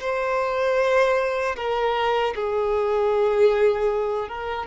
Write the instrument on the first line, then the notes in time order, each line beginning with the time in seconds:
violin
0.00 C5
1.56 A#4
2.34 G#4
4.28 A#4